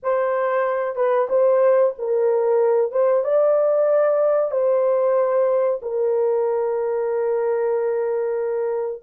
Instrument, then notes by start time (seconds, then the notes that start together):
horn
0.02 C5
0.95 B4
1.29 C5
1.98 A#4
2.91 C5
3.24 D5
4.51 C5
5.82 A#4